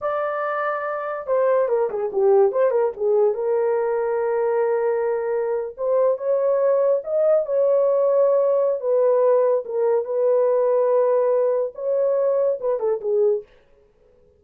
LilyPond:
\new Staff \with { instrumentName = "horn" } { \time 4/4 \tempo 4 = 143 d''2. c''4 | ais'8 gis'8 g'4 c''8 ais'8 gis'4 | ais'1~ | ais'4.~ ais'16 c''4 cis''4~ cis''16~ |
cis''8. dis''4 cis''2~ cis''16~ | cis''4 b'2 ais'4 | b'1 | cis''2 b'8 a'8 gis'4 | }